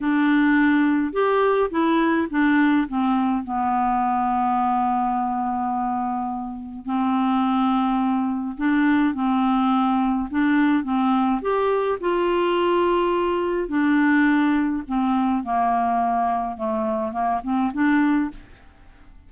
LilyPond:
\new Staff \with { instrumentName = "clarinet" } { \time 4/4 \tempo 4 = 105 d'2 g'4 e'4 | d'4 c'4 b2~ | b1 | c'2. d'4 |
c'2 d'4 c'4 | g'4 f'2. | d'2 c'4 ais4~ | ais4 a4 ais8 c'8 d'4 | }